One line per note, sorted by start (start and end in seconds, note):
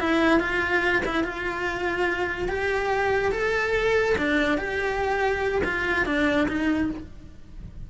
0.00 0.40 E4
0.40 1.02 F4
1.05 1.24 E4
1.24 2.48 F4
2.48 3.32 G4
3.32 4.15 A4
4.18 4.58 D4
4.58 5.62 G4
5.64 6.05 F4
6.05 6.47 D4
6.48 6.90 D#4